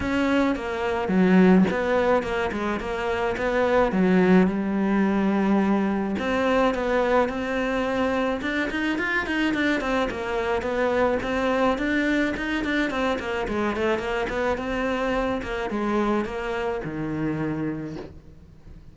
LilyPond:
\new Staff \with { instrumentName = "cello" } { \time 4/4 \tempo 4 = 107 cis'4 ais4 fis4 b4 | ais8 gis8 ais4 b4 fis4 | g2. c'4 | b4 c'2 d'8 dis'8 |
f'8 dis'8 d'8 c'8 ais4 b4 | c'4 d'4 dis'8 d'8 c'8 ais8 | gis8 a8 ais8 b8 c'4. ais8 | gis4 ais4 dis2 | }